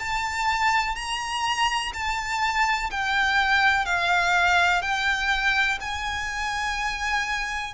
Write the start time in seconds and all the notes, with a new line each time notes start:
0.00 A5
0.96 A#5
1.94 A5
2.91 G5
3.86 F5
4.82 G5
5.81 G#5